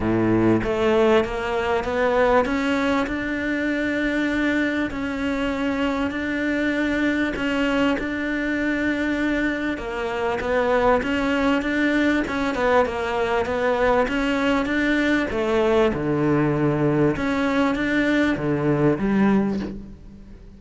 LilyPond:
\new Staff \with { instrumentName = "cello" } { \time 4/4 \tempo 4 = 98 a,4 a4 ais4 b4 | cis'4 d'2. | cis'2 d'2 | cis'4 d'2. |
ais4 b4 cis'4 d'4 | cis'8 b8 ais4 b4 cis'4 | d'4 a4 d2 | cis'4 d'4 d4 g4 | }